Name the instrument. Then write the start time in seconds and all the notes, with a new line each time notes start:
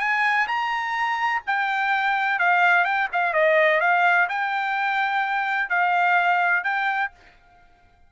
trumpet
0.00 G#5
0.48 A#5
1.47 G5
2.39 F5
2.85 G5
3.13 F5
3.34 D#5
3.81 F5
4.29 G5
5.70 F5
6.64 G5